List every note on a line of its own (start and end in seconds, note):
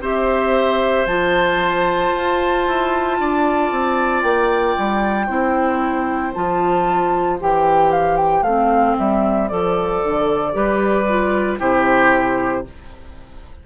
0.00 1.05 C4
0.00 1.07 G4
0.00 3.17 C5
0.00 1.06 E5
1.06 2.11 F3
1.06 5.28 F4
1.06 4.22 A5
2.15 2.67 F4
2.67 3.19 E4
3.19 3.71 D4
3.19 5.27 D5
3.71 4.23 C4
4.22 4.75 A#3
4.22 6.33 G5
4.77 5.28 G3
5.27 6.33 C4
5.27 6.33 E4
5.27 10.53 C5
6.34 7.40 F3
6.34 7.39 F4
6.34 7.39 A5
7.40 8.42 E3
7.40 8.45 G4
7.40 7.92 G5
7.92 8.16 F5
8.16 8.43 G5
8.42 8.94 A3
8.42 9.49 C4
8.42 8.95 F5
8.98 9.51 G3
8.98 9.48 E5
9.48 10.03 F3
9.48 10.52 A4
9.48 11.58 D5
10.03 10.54 D3
10.52 11.60 G3
10.52 11.05 G4
10.52 11.59 B4
11.08 11.59 F4
11.59 12.65 C3
11.59 12.64 E4
11.59 12.64 G4
11.59 12.66 C5